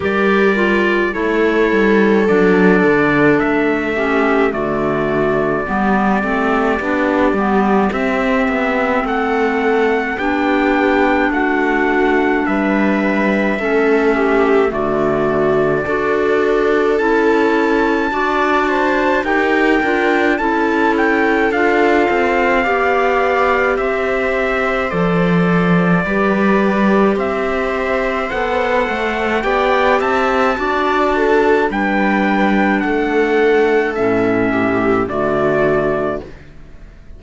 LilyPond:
<<
  \new Staff \with { instrumentName = "trumpet" } { \time 4/4 \tempo 4 = 53 d''4 cis''4 d''4 e''4 | d''2. e''4 | fis''4 g''4 fis''4 e''4~ | e''4 d''2 a''4~ |
a''4 g''4 a''8 g''8 f''4~ | f''4 e''4 d''2 | e''4 fis''4 g''8 a''4. | g''4 fis''4 e''4 d''4 | }
  \new Staff \with { instrumentName = "viola" } { \time 4/4 ais'4 a'2~ a'8 g'8 | fis'4 g'2. | a'4 g'4 fis'4 b'4 | a'8 g'8 fis'4 a'2 |
d''8 c''8 ais'4 a'2 | d''4 c''2 b'4 | c''2 d''8 e''8 d''8 a'8 | b'4 a'4. g'8 fis'4 | }
  \new Staff \with { instrumentName = "clarinet" } { \time 4/4 g'8 f'8 e'4 d'4. cis'8 | a4 b8 c'8 d'8 b8 c'4~ | c'4 d'2. | cis'4 a4 fis'4 e'4 |
fis'4 g'8 f'8 e'4 f'4 | g'2 a'4 g'4~ | g'4 a'4 g'4 fis'4 | d'2 cis'4 a4 | }
  \new Staff \with { instrumentName = "cello" } { \time 4/4 g4 a8 g8 fis8 d8 a4 | d4 g8 a8 b8 g8 c'8 b8 | a4 b4 a4 g4 | a4 d4 d'4 cis'4 |
d'4 dis'8 d'8 cis'4 d'8 c'8 | b4 c'4 f4 g4 | c'4 b8 a8 b8 c'8 d'4 | g4 a4 a,4 d4 | }
>>